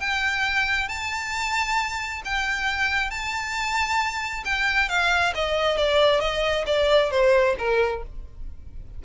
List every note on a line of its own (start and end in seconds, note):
0.00 0.88 G5
0.88 2.22 A5
2.24 3.10 G5
3.10 4.44 A5
4.45 4.89 G5
4.89 5.33 F5
5.35 5.77 D#5
5.77 6.20 D5
6.20 6.65 D#5
6.66 7.11 D5
7.11 7.55 C5
7.58 8.03 A#4